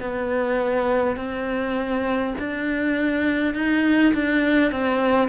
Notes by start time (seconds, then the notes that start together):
0.00 B3
1.17 C4
2.39 D4
3.55 D#4
4.14 D4
4.72 C4